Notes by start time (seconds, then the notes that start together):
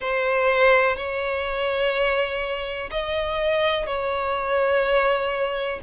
0.00 C5
0.96 C#5
2.90 D#5
3.86 C#5